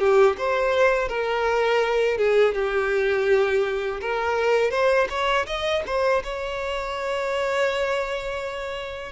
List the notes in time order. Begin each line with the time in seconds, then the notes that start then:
0.00 G4
0.38 C5
1.09 A#4
2.18 G#4
2.55 G4
4.01 A#4
4.72 C5
5.10 C#5
5.47 D#5
5.87 C5
6.24 C#5